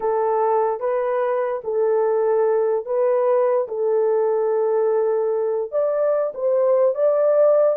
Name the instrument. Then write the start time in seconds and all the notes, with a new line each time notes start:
horn
0.00 A4
0.79 B4
1.64 A4
2.85 B4
3.68 A4
5.71 D5
6.34 C5
6.94 D5